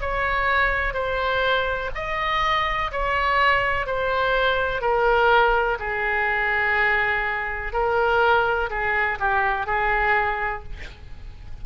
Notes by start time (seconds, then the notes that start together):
0.00 C#5
0.93 C5
1.94 D#5
2.91 C#5
3.86 C5
4.81 A#4
5.79 G#4
7.72 A#4
8.70 G#4
9.19 G4
9.66 G#4